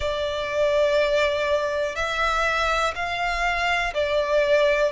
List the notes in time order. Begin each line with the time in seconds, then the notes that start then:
0.00 D5
1.95 E5
2.95 F5
3.93 D5